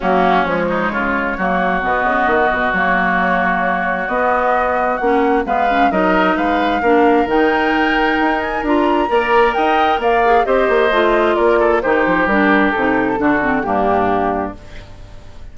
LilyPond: <<
  \new Staff \with { instrumentName = "flute" } { \time 4/4 \tempo 4 = 132 fis'4 cis''2. | dis''2 cis''2~ | cis''4 dis''2 fis''4 | f''4 dis''4 f''2 |
g''2~ g''8 gis''8 ais''4~ | ais''4 g''4 f''4 dis''4~ | dis''4 d''4 c''4 ais'4 | a'2 g'2 | }
  \new Staff \with { instrumentName = "oboe" } { \time 4/4 cis'4. dis'8 f'4 fis'4~ | fis'1~ | fis'1 | b'4 ais'4 b'4 ais'4~ |
ais'1 | d''4 dis''4 d''4 c''4~ | c''4 ais'8 a'8 g'2~ | g'4 fis'4 d'2 | }
  \new Staff \with { instrumentName = "clarinet" } { \time 4/4 ais4 gis2 ais4 | b2 ais2~ | ais4 b2 cis'4 | b8 cis'8 dis'2 d'4 |
dis'2. f'4 | ais'2~ ais'8 gis'8 g'4 | f'2 dis'4 d'4 | dis'4 d'8 c'8 ais2 | }
  \new Staff \with { instrumentName = "bassoon" } { \time 4/4 fis4 f4 cis4 fis4 | b,8 cis8 dis8 b,8 fis2~ | fis4 b2 ais4 | gis4 fis4 gis4 ais4 |
dis2 dis'4 d'4 | ais4 dis'4 ais4 c'8 ais8 | a4 ais4 dis8 f8 g4 | c4 d4 g,2 | }
>>